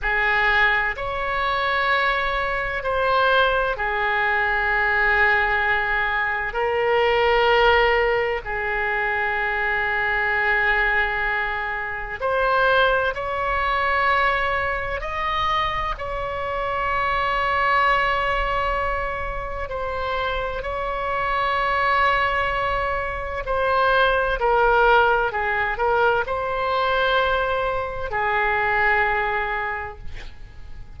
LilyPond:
\new Staff \with { instrumentName = "oboe" } { \time 4/4 \tempo 4 = 64 gis'4 cis''2 c''4 | gis'2. ais'4~ | ais'4 gis'2.~ | gis'4 c''4 cis''2 |
dis''4 cis''2.~ | cis''4 c''4 cis''2~ | cis''4 c''4 ais'4 gis'8 ais'8 | c''2 gis'2 | }